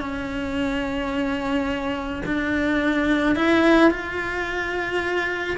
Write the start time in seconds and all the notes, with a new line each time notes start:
0.00 C#4
2.26 D4
3.36 E4
3.91 F4